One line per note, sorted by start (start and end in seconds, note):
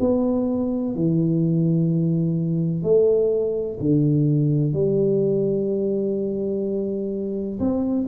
0.00 0.95 B3
0.95 2.83 E3
2.83 3.78 A3
3.80 4.74 D3
4.74 7.59 G3
7.59 8.07 C4